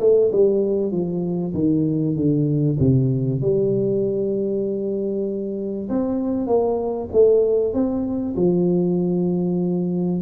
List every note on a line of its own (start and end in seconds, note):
0.00 0.31 A3
0.32 0.91 G3
0.91 1.53 F3
1.54 2.16 D#3
2.16 2.78 D3
2.79 3.41 C3
3.41 5.89 G3
5.90 6.47 C4
6.47 7.09 A#3
7.13 7.73 A3
7.73 8.35 C4
8.36 10.21 F3